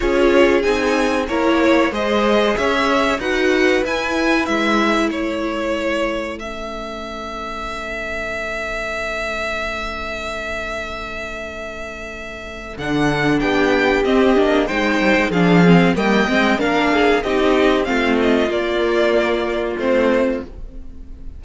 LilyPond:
<<
  \new Staff \with { instrumentName = "violin" } { \time 4/4 \tempo 4 = 94 cis''4 gis''4 cis''4 dis''4 | e''4 fis''4 gis''4 e''4 | cis''2 e''2~ | e''1~ |
e''1 | fis''4 g''4 dis''4 g''4 | f''4 g''4 f''4 dis''4 | f''8 dis''8 d''2 c''4 | }
  \new Staff \with { instrumentName = "violin" } { \time 4/4 gis'2 ais'8 cis''8 c''4 | cis''4 b'2. | a'1~ | a'1~ |
a'1~ | a'4 g'2 c''4 | gis'4 dis''4 ais'8 gis'8 g'4 | f'1 | }
  \new Staff \with { instrumentName = "viola" } { \time 4/4 f'4 dis'4 e'4 gis'4~ | gis'4 fis'4 e'2~ | e'2 cis'2~ | cis'1~ |
cis'1 | d'2 c'8 d'8 dis'4 | d'8 c'8 ais8 c'8 d'4 dis'4 | c'4 ais2 c'4 | }
  \new Staff \with { instrumentName = "cello" } { \time 4/4 cis'4 c'4 ais4 gis4 | cis'4 dis'4 e'4 gis4 | a1~ | a1~ |
a1 | d4 b4 c'8 ais8 gis8 g16 gis16 | f4 g8 gis8 ais4 c'4 | a4 ais2 a4 | }
>>